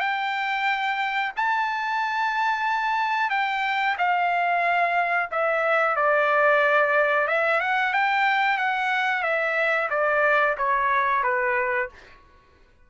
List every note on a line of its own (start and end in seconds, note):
0.00 1.32 G5
1.36 3.30 A5
3.30 3.96 G5
3.98 5.30 F5
5.31 5.96 E5
5.96 7.28 D5
7.28 7.60 E5
7.60 7.93 F#5
7.93 8.58 G5
8.58 9.23 F#5
9.23 9.89 E5
9.90 10.56 D5
10.58 11.23 C#5
11.23 11.89 B4